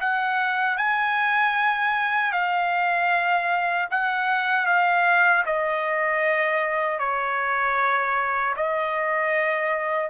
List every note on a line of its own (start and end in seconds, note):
0.00 0.77 F#5
0.77 2.32 G#5
2.32 3.88 F5
3.90 4.66 F#5
4.66 5.44 F5
5.45 6.98 D#5
6.98 8.54 C#5
8.56 10.10 D#5